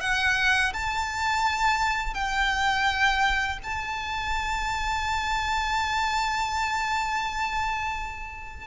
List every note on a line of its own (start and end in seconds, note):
0.00 0.72 F#5
0.73 2.14 A5
2.14 3.58 G5
3.63 8.67 A5